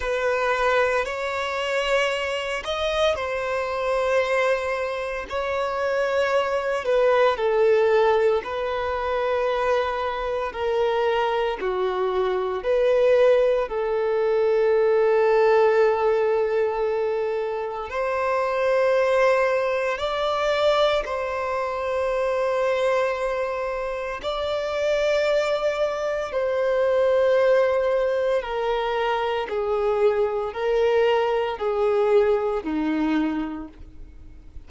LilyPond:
\new Staff \with { instrumentName = "violin" } { \time 4/4 \tempo 4 = 57 b'4 cis''4. dis''8 c''4~ | c''4 cis''4. b'8 a'4 | b'2 ais'4 fis'4 | b'4 a'2.~ |
a'4 c''2 d''4 | c''2. d''4~ | d''4 c''2 ais'4 | gis'4 ais'4 gis'4 dis'4 | }